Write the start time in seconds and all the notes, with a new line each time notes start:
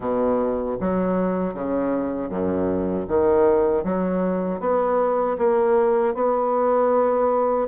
0.00 B2
0.80 F#3
1.53 C#3
2.29 F#2
3.08 D#3
3.83 F#3
4.60 B3
5.37 A#3
6.14 B3